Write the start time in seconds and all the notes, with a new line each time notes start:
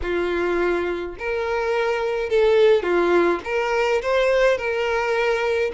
0.02 F4
1.18 A#4
2.29 A4
2.82 F4
3.44 A#4
4.02 C5
4.57 A#4